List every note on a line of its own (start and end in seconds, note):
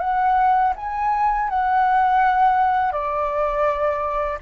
0.00 0.73 F#5
0.76 1.49 G#5
1.49 2.92 F#5
2.92 4.38 D5